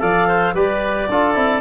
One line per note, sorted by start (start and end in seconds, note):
0.00 0.54 F3
0.00 0.54 A4
0.00 0.28 D5
0.00 0.55 F5
0.28 0.55 C5
0.54 1.08 G3
0.54 1.10 G4
0.54 1.09 B4
0.54 1.61 D5
1.10 1.36 D4
1.10 1.35 F4
1.10 1.61 A4
1.35 1.61 C4
1.35 1.61 E4